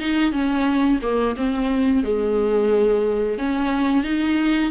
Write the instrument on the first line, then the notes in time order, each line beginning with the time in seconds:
viola
0.00 D#4
0.32 C#4
1.03 A#3
1.37 C4
2.04 G#3
3.39 C#4
4.04 D#4